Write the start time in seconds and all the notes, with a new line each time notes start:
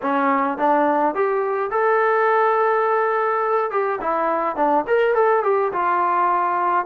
0.02 C#4
0.57 D4
1.15 G4
1.70 A4
3.70 G4
4.01 E4
4.56 D4
4.87 A#4
5.14 A4
5.43 G4
5.72 F4